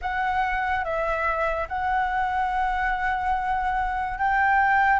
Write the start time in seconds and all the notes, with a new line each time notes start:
0.02 F#5
0.84 E5
1.68 F#5
4.18 G5